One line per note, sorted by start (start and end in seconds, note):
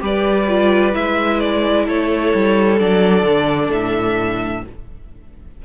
0.00 0.94 G3
0.00 0.46 G4
0.00 1.85 B4
0.00 0.95 D5
0.48 0.93 F4
0.93 1.87 G#3
0.93 2.77 E4
0.93 1.40 E5
1.40 1.86 D5
1.85 2.34 A3
1.85 4.62 A4
1.85 2.80 C#5
2.35 2.81 G3
2.79 3.23 F#3
2.79 4.63 D4
2.79 3.72 D5
3.23 3.69 D3
3.71 4.63 A2
3.71 4.65 E5